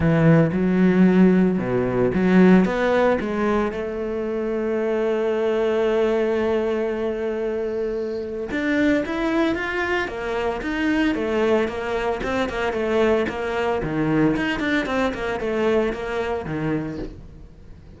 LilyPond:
\new Staff \with { instrumentName = "cello" } { \time 4/4 \tempo 4 = 113 e4 fis2 b,4 | fis4 b4 gis4 a4~ | a1~ | a1 |
d'4 e'4 f'4 ais4 | dis'4 a4 ais4 c'8 ais8 | a4 ais4 dis4 dis'8 d'8 | c'8 ais8 a4 ais4 dis4 | }